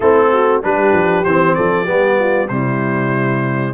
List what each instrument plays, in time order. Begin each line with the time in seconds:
0.00 tuba A3, trombone C4, horn E4, trumpet A4
0.32 horn F#4
0.62 tuba G3, trombone D4, horn G4, trumpet B4
0.92 tuba F3
1.24 tuba E3, trombone C4, trumpet C5
1.54 tuba F3, horn A4, trumpet D5
1.85 tuba G3, trombone B3, horn G4
2.18 horn F4
2.48 tuba C3, trombone G3, horn E4, trumpet C5